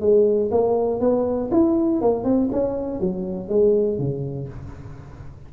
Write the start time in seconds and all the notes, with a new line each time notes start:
0.00 G#3
0.51 A#3
1.00 B3
1.51 E4
2.01 A#3
2.24 C4
2.52 C#4
3.00 F#3
3.48 G#3
3.98 C#3